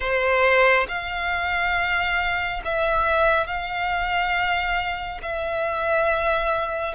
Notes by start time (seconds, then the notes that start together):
0.00 C5
0.88 F5
2.64 E5
3.47 F5
5.22 E5